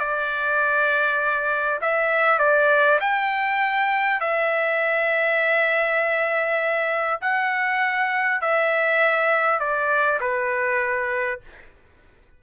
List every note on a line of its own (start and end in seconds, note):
0.00 1.80 D5
1.82 2.39 E5
2.39 2.99 D5
3.01 4.21 G5
4.21 7.21 E5
7.22 8.41 F#5
8.41 9.60 E5
9.60 10.20 D5
10.21 11.41 B4